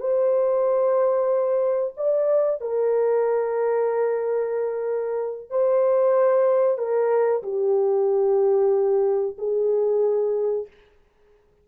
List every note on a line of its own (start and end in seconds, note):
0.00 1.94 C5
1.97 2.61 D5
2.61 5.50 A#4
5.50 6.78 C5
6.78 7.43 A#4
7.43 9.36 G4
9.38 10.67 G#4